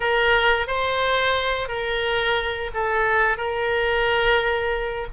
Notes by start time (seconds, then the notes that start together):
0.00 A#4
0.67 C5
1.68 A#4
2.74 A4
3.37 A#4